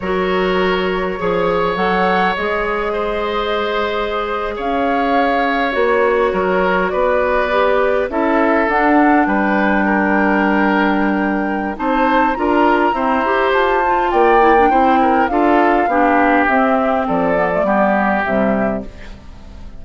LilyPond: <<
  \new Staff \with { instrumentName = "flute" } { \time 4/4 \tempo 4 = 102 cis''2. fis''4 | dis''2.~ dis''8. f''16~ | f''4.~ f''16 cis''2 d''16~ | d''4.~ d''16 e''4 fis''4 g''16~ |
g''1 | a''4 ais''2 a''4 | g''2 f''2 | e''4 d''2 e''4 | }
  \new Staff \with { instrumentName = "oboe" } { \time 4/4 ais'2 cis''2~ | cis''4 c''2~ c''8. cis''16~ | cis''2~ cis''8. ais'4 b'16~ | b'4.~ b'16 a'2 b'16~ |
b'8. ais'2.~ ais'16 | c''4 ais'4 c''2 | d''4 c''8 ais'8 a'4 g'4~ | g'4 a'4 g'2 | }
  \new Staff \with { instrumentName = "clarinet" } { \time 4/4 fis'2 gis'4 a'4 | gis'1~ | gis'4.~ gis'16 fis'2~ fis'16~ | fis'8. g'4 e'4 d'4~ d'16~ |
d'1 | dis'4 f'4 c'8 g'4 f'8~ | f'8 e'16 d'16 e'4 f'4 d'4 | c'4. b16 a16 b4 g4 | }
  \new Staff \with { instrumentName = "bassoon" } { \time 4/4 fis2 f4 fis4 | gis2.~ gis8. cis'16~ | cis'4.~ cis'16 ais4 fis4 b16~ | b4.~ b16 cis'4 d'4 g16~ |
g1 | c'4 d'4 e'4 f'4 | ais4 c'4 d'4 b4 | c'4 f4 g4 c4 | }
>>